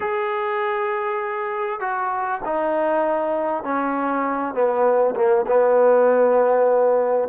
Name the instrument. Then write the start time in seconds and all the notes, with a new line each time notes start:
trombone
0.00 G#4
1.80 F#4
2.44 D#4
3.63 C#4
4.54 B3
5.15 A#3
5.47 B3